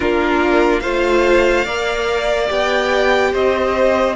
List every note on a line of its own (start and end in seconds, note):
0.00 0.84 A#3
0.00 0.82 D4
0.00 0.82 F4
0.00 0.80 A#4
0.80 1.65 A3
0.80 1.66 F4
0.80 1.64 C5
0.80 2.47 F5
1.64 2.49 A#3
1.64 2.47 A#4
1.64 3.31 D5
2.47 3.33 B3
2.47 4.14 G4
2.47 3.34 G5
3.32 4.16 C4
3.32 4.15 C5
3.32 4.16 D#5